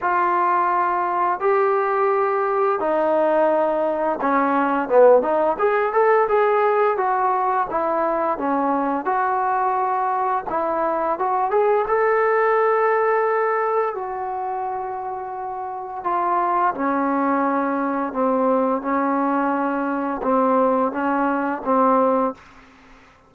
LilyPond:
\new Staff \with { instrumentName = "trombone" } { \time 4/4 \tempo 4 = 86 f'2 g'2 | dis'2 cis'4 b8 dis'8 | gis'8 a'8 gis'4 fis'4 e'4 | cis'4 fis'2 e'4 |
fis'8 gis'8 a'2. | fis'2. f'4 | cis'2 c'4 cis'4~ | cis'4 c'4 cis'4 c'4 | }